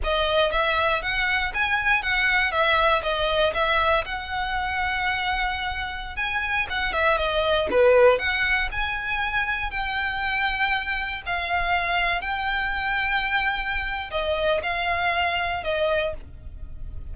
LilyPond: \new Staff \with { instrumentName = "violin" } { \time 4/4 \tempo 4 = 119 dis''4 e''4 fis''4 gis''4 | fis''4 e''4 dis''4 e''4 | fis''1~ | fis''16 gis''4 fis''8 e''8 dis''4 b'8.~ |
b'16 fis''4 gis''2 g''8.~ | g''2~ g''16 f''4.~ f''16~ | f''16 g''2.~ g''8. | dis''4 f''2 dis''4 | }